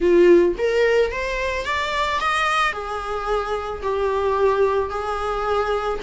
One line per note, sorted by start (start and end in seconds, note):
0.00 0.55 F4
0.58 1.11 A#4
1.11 1.65 C5
1.65 2.19 D5
2.20 2.72 D#5
2.72 3.81 G#4
3.82 4.90 G4
4.90 5.99 G#4